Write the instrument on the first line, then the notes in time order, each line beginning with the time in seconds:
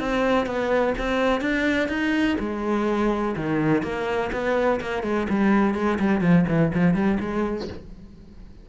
cello
0.00 C4
0.46 B3
0.98 C4
1.41 D4
1.89 D#4
2.40 G#3
3.37 D#3
3.83 A#3
4.33 B3
4.81 A#3
5.03 G#3
5.30 G3
5.75 G#3
6.00 G3
6.21 F3
6.49 E3
6.75 F3
6.94 G3
7.21 G#3